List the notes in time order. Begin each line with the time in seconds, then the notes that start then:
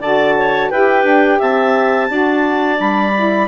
0.00 D3 F#4 D5 A5
0.38 C#5
0.70 E4 G4 B4 G5
1.04 D4
1.39 C4 E5 A5
2.10 D4 F#4 D5
2.76 G3 D4 B5
3.16 E4